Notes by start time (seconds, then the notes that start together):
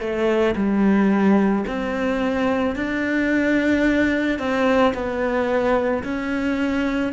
0.00 A3
0.56 G3
1.67 C4
2.76 D4
4.39 C4
4.94 B3
6.03 C#4